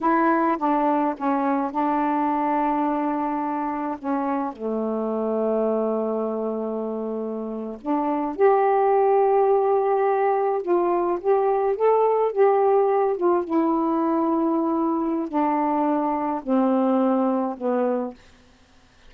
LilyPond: \new Staff \with { instrumentName = "saxophone" } { \time 4/4 \tempo 4 = 106 e'4 d'4 cis'4 d'4~ | d'2. cis'4 | a1~ | a4.~ a16 d'4 g'4~ g'16~ |
g'2~ g'8. f'4 g'16~ | g'8. a'4 g'4. f'8 e'16~ | e'2. d'4~ | d'4 c'2 b4 | }